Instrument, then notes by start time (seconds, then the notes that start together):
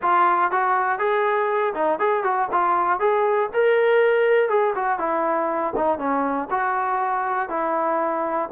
trombone
0.01 F4
0.51 F#4
0.98 G#4
1.74 D#4
1.99 G#4
2.23 F#4
2.51 F4
2.99 G#4
3.53 A#4
4.49 G#4
4.75 F#4
4.98 E4
5.75 D#4
5.98 C#4
6.50 F#4
7.49 E4